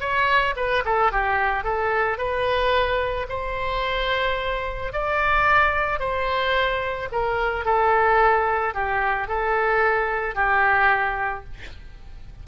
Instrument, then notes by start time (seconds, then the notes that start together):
oboe
0.00 C#5
0.56 B4
0.85 A4
1.12 G4
1.64 A4
2.18 B4
3.29 C5
4.93 D5
6.00 C5
7.12 A#4
7.65 A4
8.74 G4
9.28 A4
10.35 G4